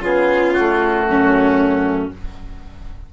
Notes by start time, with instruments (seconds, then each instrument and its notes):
0.00 bassoon C#3, trombone B3, violin F4, oboe G#4
0.53 trombone A3, oboe F#4
1.08 bassoon F#2, violin C#4